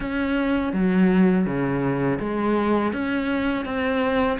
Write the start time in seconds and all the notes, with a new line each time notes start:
0.00 C#4
0.72 F#3
1.45 C#3
2.19 G#3
2.92 C#4
3.65 C4